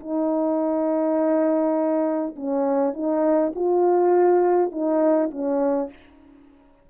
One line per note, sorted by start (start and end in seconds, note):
0.00 2.35 D#4
2.36 2.94 C#4
2.94 3.53 D#4
3.56 4.72 F4
4.72 5.30 D#4
5.31 5.90 C#4